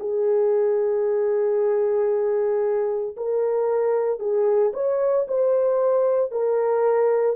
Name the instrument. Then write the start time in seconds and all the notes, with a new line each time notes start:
horn
0.00 G#4
3.17 A#4
4.20 G#4
4.74 C#5
5.28 C5
6.31 A#4